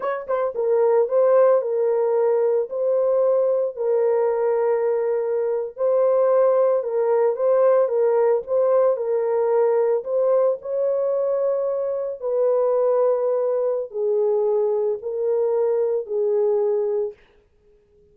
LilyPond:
\new Staff \with { instrumentName = "horn" } { \time 4/4 \tempo 4 = 112 cis''8 c''8 ais'4 c''4 ais'4~ | ais'4 c''2 ais'4~ | ais'2~ ais'8. c''4~ c''16~ | c''8. ais'4 c''4 ais'4 c''16~ |
c''8. ais'2 c''4 cis''16~ | cis''2~ cis''8. b'4~ b'16~ | b'2 gis'2 | ais'2 gis'2 | }